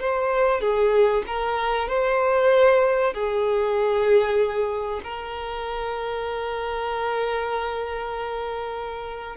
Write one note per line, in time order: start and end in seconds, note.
0.00 0.61 C5
0.61 1.23 G#4
1.27 1.88 A#4
1.88 3.13 C5
3.13 5.01 G#4
5.03 9.36 A#4